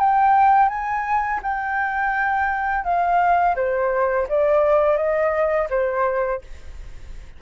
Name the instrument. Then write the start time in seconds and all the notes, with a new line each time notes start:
flute
0.00 G5
0.69 G#5
1.43 G5
2.84 F5
3.56 C5
4.29 D5
4.97 D#5
5.70 C5